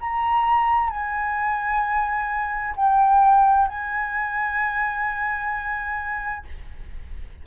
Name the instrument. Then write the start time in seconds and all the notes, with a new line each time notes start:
flute
0.00 A#5
0.90 G#5
2.76 G5
3.68 G#5